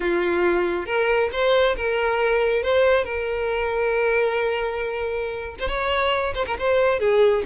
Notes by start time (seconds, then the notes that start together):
0.00 F4
0.85 A#4
1.32 C5
1.76 A#4
2.63 C5
3.04 A#4
5.59 C5
5.68 C#5
6.34 C5
6.46 A#4
6.58 C5
6.99 G#4